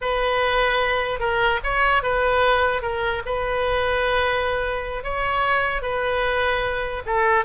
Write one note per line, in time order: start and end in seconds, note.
0.01 1.19 B4
1.19 1.59 A#4
1.63 2.02 C#5
2.02 2.82 B4
2.82 3.22 A#4
3.25 5.03 B4
5.03 5.82 C#5
5.82 7.02 B4
7.05 7.44 A4